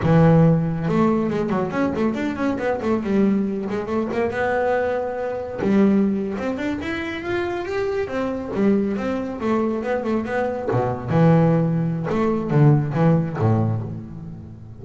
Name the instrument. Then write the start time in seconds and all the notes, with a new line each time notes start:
double bass
0.03 E3
0.88 A3
1.30 G#3
1.49 F#3
1.71 C#4
1.95 A3
2.14 D4
2.35 C#4
2.58 B3
2.82 A3
3.03 G3
3.69 G#3
3.86 A3
4.12 A#3
4.30 B3
5.61 G3
6.37 C4
6.57 D4
6.81 E4
7.22 F4
7.65 G4
8.07 C4
8.53 G3
8.96 C4
9.40 A3
9.83 B3
10.04 A3
10.25 B3
10.71 B2
11.09 E3
12.09 A3
12.50 D3
12.93 E3
13.38 A2